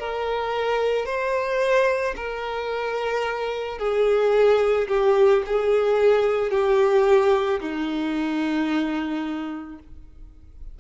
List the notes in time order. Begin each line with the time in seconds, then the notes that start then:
0.00 A#4
1.06 C5
2.16 A#4
3.79 G#4
4.89 G4
5.46 G#4
6.52 G4
7.61 D#4